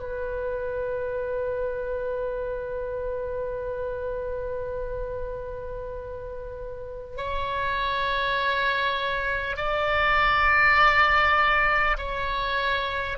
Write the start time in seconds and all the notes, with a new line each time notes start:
0.00 B4
7.17 C#5
9.57 D5
11.98 C#5